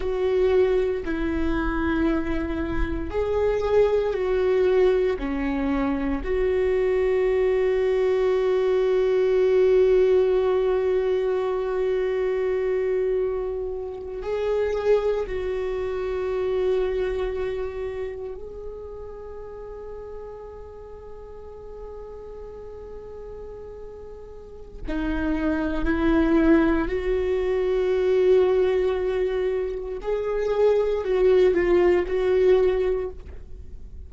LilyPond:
\new Staff \with { instrumentName = "viola" } { \time 4/4 \tempo 4 = 58 fis'4 e'2 gis'4 | fis'4 cis'4 fis'2~ | fis'1~ | fis'4.~ fis'16 gis'4 fis'4~ fis'16~ |
fis'4.~ fis'16 gis'2~ gis'16~ | gis'1 | dis'4 e'4 fis'2~ | fis'4 gis'4 fis'8 f'8 fis'4 | }